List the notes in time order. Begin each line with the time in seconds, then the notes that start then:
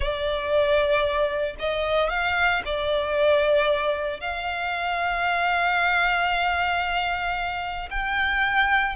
0.00 D5
1.59 D#5
2.09 F5
2.65 D5
4.20 F5
7.90 G5